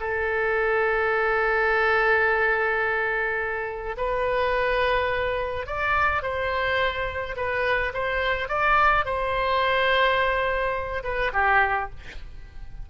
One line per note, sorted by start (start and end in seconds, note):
0.00 3.96 A4
3.97 5.67 B4
5.67 6.22 D5
6.22 7.36 C5
7.37 7.93 B4
7.94 8.49 C5
8.49 9.05 D5
9.05 11.03 C5
11.04 11.32 B4
11.34 11.90 G4